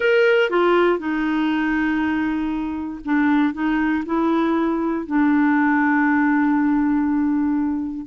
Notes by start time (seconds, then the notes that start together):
0.00 A#4
0.50 F4
0.98 D#4
3.04 D4
3.53 D#4
4.05 E4
5.06 D4